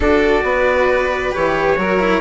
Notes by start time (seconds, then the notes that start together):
0.00 D4 F#4 A4 D5
0.43 B3 B4
1.32 E3 G4 C#5
1.77 F#3 F#4 A#4
1.99 E4